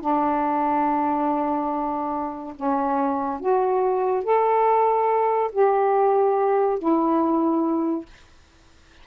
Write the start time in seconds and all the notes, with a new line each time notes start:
0.00 D4
2.56 C#4
3.40 F#4
4.24 A4
5.52 G4
6.79 E4